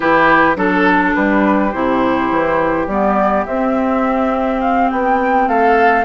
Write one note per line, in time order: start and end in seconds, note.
0.00 0.56 E3
0.00 0.55 E4
0.00 0.57 G4
0.00 0.56 B4
0.56 1.13 F#3
0.56 1.71 D4
0.56 1.15 A4
1.15 1.74 G3
1.15 5.47 G4
1.15 1.72 B4
1.72 2.30 C3
1.72 2.88 E4
1.72 2.87 C5
2.30 2.87 E3
2.87 3.44 G3
2.87 3.46 B3
2.87 3.45 D5
3.45 4.91 C4
3.45 6.05 C4
3.45 4.60 E5
4.60 4.89 F5
4.90 5.48 B3
4.90 5.47 G5
5.47 6.05 A3
5.47 6.05 A4
5.47 6.05 F5